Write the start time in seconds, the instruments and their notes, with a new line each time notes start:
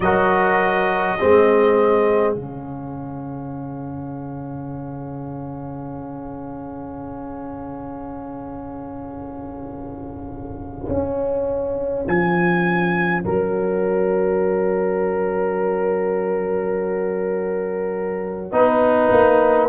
0.00 tuba F#3, trombone F#4, horn A#4, trumpet D#5
1.18 tuba G#3, trombone C4, horn G#4
2.34 tuba C#3, trombone C#4, trumpet F5
10.88 tuba C#4
12.07 tuba F3, trumpet G#5
13.22 tuba F#3, horn A#4, trumpet F#5
18.51 tuba B3, trombone D#4, horn B4
19.11 tuba A#3